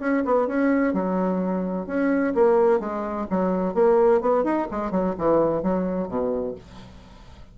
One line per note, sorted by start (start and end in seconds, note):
0.00 0.23 C#4
0.25 0.48 B3
0.48 0.94 C#4
0.94 1.87 F#3
1.87 2.34 C#4
2.35 2.80 A#3
2.80 3.27 G#3
3.30 3.74 F#3
3.74 4.21 A#3
4.21 4.44 B3
4.44 4.67 D#4
4.71 4.91 G#3
4.91 5.15 F#3
5.18 5.63 E3
5.63 6.08 F#3
6.08 6.55 B2